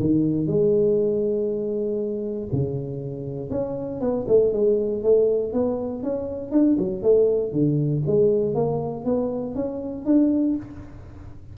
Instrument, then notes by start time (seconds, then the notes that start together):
tuba
0.00 D#3
0.47 G#3
2.52 C#3
3.50 C#4
4.01 B3
4.28 A3
4.53 G#3
5.03 A3
5.53 B3
6.03 C#4
6.52 D4
6.79 F#3
7.03 A3
7.52 D3
8.07 G#3
8.55 A#3
9.05 B3
9.55 C#4
10.06 D4